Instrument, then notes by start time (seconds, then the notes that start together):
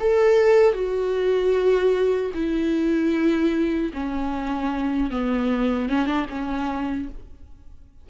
viola
0.00 A4
0.74 F#4
2.34 E4
3.94 C#4
5.11 B3
5.89 C#4
6.06 D4
6.30 C#4